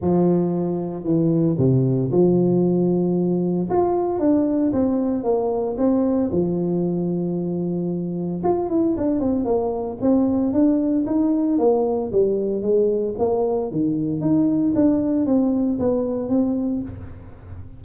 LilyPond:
\new Staff \with { instrumentName = "tuba" } { \time 4/4 \tempo 4 = 114 f2 e4 c4 | f2. f'4 | d'4 c'4 ais4 c'4 | f1 |
f'8 e'8 d'8 c'8 ais4 c'4 | d'4 dis'4 ais4 g4 | gis4 ais4 dis4 dis'4 | d'4 c'4 b4 c'4 | }